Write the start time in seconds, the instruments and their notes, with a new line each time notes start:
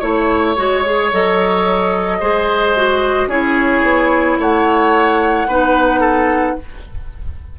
0.00 bassoon A3, clarinet E4, oboe C#5, flute C#5
0.57 bassoon G#3, clarinet F#4
0.85 clarinet G#4
1.13 bassoon F#3, clarinet A4, flute D#5
2.20 bassoon G#3, clarinet G#4, oboe C5
2.76 clarinet F#4
3.27 bassoon C#4, clarinet E4, oboe G#4, flute C#5
3.83 bassoon B3
4.39 bassoon A3, oboe C#5, flute F#5
5.48 bassoon B3, clarinet D#4, oboe B4
6.01 oboe A4